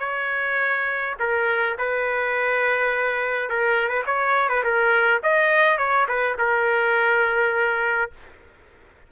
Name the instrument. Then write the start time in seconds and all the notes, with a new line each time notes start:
trumpet
0.00 C#5
1.20 A#4
1.79 B4
3.50 A#4
3.89 B4
4.06 C#5
4.49 B4
4.64 A#4
5.23 D#5
5.78 C#5
6.09 B4
6.39 A#4